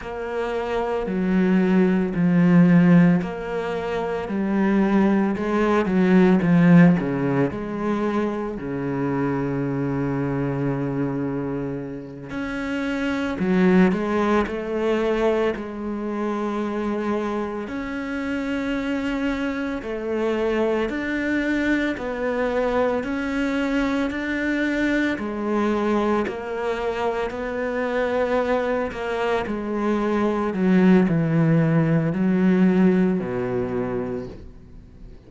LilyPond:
\new Staff \with { instrumentName = "cello" } { \time 4/4 \tempo 4 = 56 ais4 fis4 f4 ais4 | g4 gis8 fis8 f8 cis8 gis4 | cis2.~ cis8 cis'8~ | cis'8 fis8 gis8 a4 gis4.~ |
gis8 cis'2 a4 d'8~ | d'8 b4 cis'4 d'4 gis8~ | gis8 ais4 b4. ais8 gis8~ | gis8 fis8 e4 fis4 b,4 | }